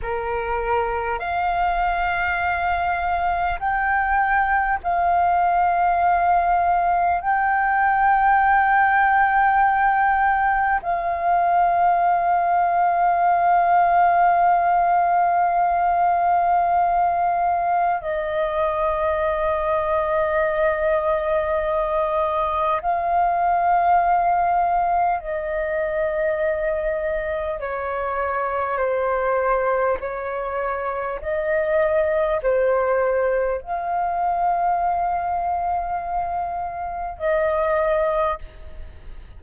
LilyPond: \new Staff \with { instrumentName = "flute" } { \time 4/4 \tempo 4 = 50 ais'4 f''2 g''4 | f''2 g''2~ | g''4 f''2.~ | f''2. dis''4~ |
dis''2. f''4~ | f''4 dis''2 cis''4 | c''4 cis''4 dis''4 c''4 | f''2. dis''4 | }